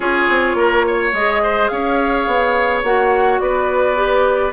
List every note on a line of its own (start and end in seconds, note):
0.00 0.27 C#4
0.00 1.13 F4
0.00 0.56 G#4
0.00 1.11 C#5
0.29 0.54 C4
0.54 1.11 A#3
0.54 0.86 A#4
0.86 1.42 C#5
1.12 1.69 G#3
1.12 2.85 G#4
1.12 1.68 D#5
1.42 1.71 C5
1.68 2.27 C#4
1.68 3.41 C#5
1.68 2.81 F5
2.27 2.83 B3
2.83 3.39 A#3
2.83 3.95 F#4
2.83 3.39 F#5
3.39 4.52 B3
3.39 4.52 B4
3.39 4.52 D5
3.95 4.52 G4